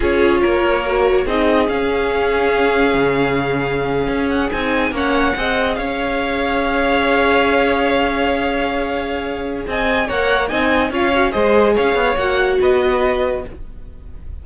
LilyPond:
<<
  \new Staff \with { instrumentName = "violin" } { \time 4/4 \tempo 4 = 143 cis''2. dis''4 | f''1~ | f''2~ f''16 fis''8 gis''4 fis''16~ | fis''4.~ fis''16 f''2~ f''16~ |
f''1~ | f''2. gis''4 | fis''4 gis''4 f''4 dis''4 | f''4 fis''4 dis''2 | }
  \new Staff \with { instrumentName = "violin" } { \time 4/4 gis'4 ais'2 gis'4~ | gis'1~ | gis'2.~ gis'8. cis''16~ | cis''8. dis''4 cis''2~ cis''16~ |
cis''1~ | cis''2. dis''4 | cis''4 dis''4 cis''4 c''4 | cis''2 b'2 | }
  \new Staff \with { instrumentName = "viola" } { \time 4/4 f'2 fis'4 dis'4 | cis'1~ | cis'2~ cis'8. dis'4 cis'16~ | cis'8. gis'2.~ gis'16~ |
gis'1~ | gis'1 | ais'4 dis'4 f'8 fis'8 gis'4~ | gis'4 fis'2. | }
  \new Staff \with { instrumentName = "cello" } { \time 4/4 cis'4 ais2 c'4 | cis'2. cis4~ | cis4.~ cis16 cis'4 c'4 ais16~ | ais8. c'4 cis'2~ cis'16~ |
cis'1~ | cis'2. c'4 | ais4 c'4 cis'4 gis4 | cis'8 b8 ais4 b2 | }
>>